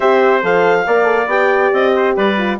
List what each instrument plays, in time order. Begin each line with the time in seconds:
0.00 bassoon C4, horn G4, trumpet C5, clarinet E5
0.42 bassoon F3, horn A4, clarinet F5
0.86 bassoon A#3, horn A#4, trumpet D5
1.03 horn A4
1.27 bassoon B3, horn G4, clarinet G5
1.73 bassoon C4, clarinet D#5
1.95 trumpet C5
2.16 bassoon G3, trumpet B4, clarinet D5
2.37 horn F4